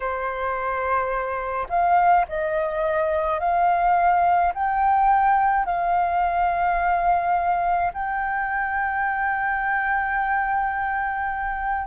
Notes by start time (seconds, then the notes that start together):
0.00 C5
1.69 F5
2.28 D#5
3.39 F5
4.53 G5
5.65 F5
7.93 G5